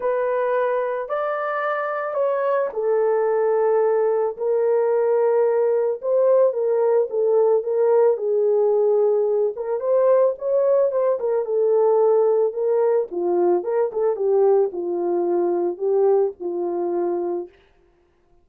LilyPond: \new Staff \with { instrumentName = "horn" } { \time 4/4 \tempo 4 = 110 b'2 d''2 | cis''4 a'2. | ais'2. c''4 | ais'4 a'4 ais'4 gis'4~ |
gis'4. ais'8 c''4 cis''4 | c''8 ais'8 a'2 ais'4 | f'4 ais'8 a'8 g'4 f'4~ | f'4 g'4 f'2 | }